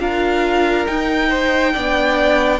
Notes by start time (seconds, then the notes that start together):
0.00 D4 F4 A#4 F5
0.87 D#4 G5
1.29 C5
1.74 B3 D4 D5